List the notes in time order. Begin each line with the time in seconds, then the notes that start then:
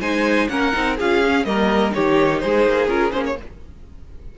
0.00 G#3 D#4 C5 G#5
0.49 A#3 C#4 A#4 F#5
0.72 C4 D#4
0.96 C#4 F4 G#4 F5
1.25 C#4
1.44 G3 A#3 A#4 D#5
1.91 D#3 D#4 G4 C#5
2.39 G#3 G#4 C5
2.66 A#3
2.87 C#4 F4 A#4
3.11 A#3 C#4 C5
3.26 C#5